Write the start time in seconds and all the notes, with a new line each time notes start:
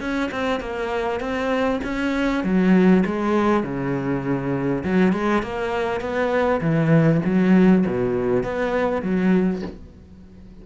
0.00 C#4
0.31 C4
0.60 A#3
1.20 C4
1.84 C#4
2.44 F#3
3.06 G#3
3.63 C#3
4.84 F#3
5.12 G#3
5.42 A#3
6.00 B3
6.61 E3
7.25 F#3
7.86 B2
8.43 B3
9.02 F#3